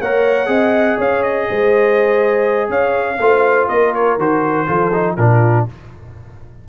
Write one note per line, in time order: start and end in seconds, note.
0.00 0.47 A#3
0.00 0.45 A#4
0.00 0.48 C#5
0.00 0.99 F#5
0.45 0.97 C4
0.45 3.16 G#4
0.45 0.97 D#5
0.97 1.47 C#4
0.97 1.46 C#5
0.97 1.22 F5
1.22 2.70 D#5
1.49 2.69 G#3
1.49 2.69 C5
2.69 3.18 C#4
2.69 3.18 C#5
2.69 3.68 F5
3.19 3.68 A3
3.19 4.19 F4
3.19 3.68 C5
3.68 4.17 A#3
3.68 4.66 A#4
3.68 3.93 D#5
3.94 4.19 C#5
4.17 4.66 D#3
4.17 4.66 F#4
4.17 5.16 C5
4.66 5.17 F3
4.66 4.91 F4
4.66 5.16 A4
4.93 5.17 D#4
5.16 5.66 A#2
5.16 5.68 D4
5.16 5.66 F4
5.16 5.65 A#4